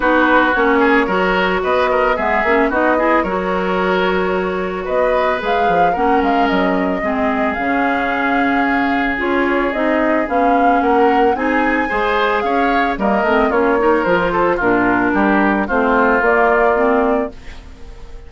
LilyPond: <<
  \new Staff \with { instrumentName = "flute" } { \time 4/4 \tempo 4 = 111 b'4 cis''2 dis''4 | e''4 dis''4 cis''2~ | cis''4 dis''4 f''4 fis''8 f''8 | dis''2 f''2~ |
f''4 cis''4 dis''4 f''4 | fis''4 gis''2 f''4 | dis''4 cis''4 c''4 ais'4~ | ais'4 c''4 d''2 | }
  \new Staff \with { instrumentName = "oboe" } { \time 4/4 fis'4. gis'8 ais'4 b'8 ais'8 | gis'4 fis'8 gis'8 ais'2~ | ais'4 b'2 ais'4~ | ais'4 gis'2.~ |
gis'1 | ais'4 gis'4 c''4 cis''4 | ais'4 f'8 ais'4 a'8 f'4 | g'4 f'2. | }
  \new Staff \with { instrumentName = "clarinet" } { \time 4/4 dis'4 cis'4 fis'2 | b8 cis'8 dis'8 e'8 fis'2~ | fis'2 gis'4 cis'4~ | cis'4 c'4 cis'2~ |
cis'4 f'4 dis'4 cis'4~ | cis'4 dis'4 gis'2 | ais8 c'8 cis'8 dis'8 f'4 d'4~ | d'4 c'4 ais4 c'4 | }
  \new Staff \with { instrumentName = "bassoon" } { \time 4/4 b4 ais4 fis4 b4 | gis8 ais8 b4 fis2~ | fis4 b4 gis8 f8 ais8 gis8 | fis4 gis4 cis2~ |
cis4 cis'4 c'4 b4 | ais4 c'4 gis4 cis'4 | g8 a8 ais4 f4 ais,4 | g4 a4 ais2 | }
>>